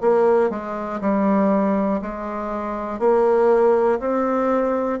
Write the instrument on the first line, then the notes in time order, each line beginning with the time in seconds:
bassoon
0.00 A#3
0.50 G#3
1.00 G3
2.01 G#3
2.99 A#3
4.00 C4